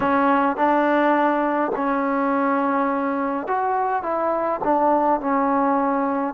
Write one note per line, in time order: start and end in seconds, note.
0.00 0.56 C#4
0.56 1.71 D4
1.75 3.47 C#4
3.47 4.02 F#4
4.02 4.60 E4
4.64 5.20 D4
5.20 6.34 C#4